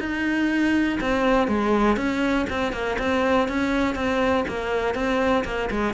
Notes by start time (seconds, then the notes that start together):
0.00 D#4
1.01 C4
1.48 G#3
1.97 C#4
2.50 C4
2.73 A#3
2.99 C4
3.48 C#4
3.95 C4
4.49 A#3
4.95 C4
5.45 A#3
5.71 G#3